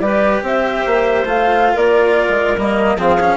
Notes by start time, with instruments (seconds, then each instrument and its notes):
0.00 bassoon G3, cello G4, clarinet B4, flute D5
0.43 bassoon C4, clarinet C5, flute E5
0.86 bassoon A#3
1.25 bassoon A3, cello F4, flute F5
1.74 bassoon A#3, clarinet A#4, flute D5
2.29 bassoon G#3
2.57 bassoon G3, cello A#3, flute D#5
2.96 bassoon F3, cello C4, clarinet G#4, flute F5
3.21 cello C#4